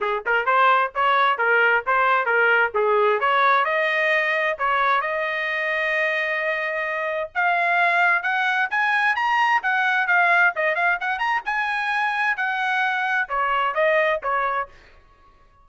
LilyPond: \new Staff \with { instrumentName = "trumpet" } { \time 4/4 \tempo 4 = 131 gis'8 ais'8 c''4 cis''4 ais'4 | c''4 ais'4 gis'4 cis''4 | dis''2 cis''4 dis''4~ | dis''1 |
f''2 fis''4 gis''4 | ais''4 fis''4 f''4 dis''8 f''8 | fis''8 ais''8 gis''2 fis''4~ | fis''4 cis''4 dis''4 cis''4 | }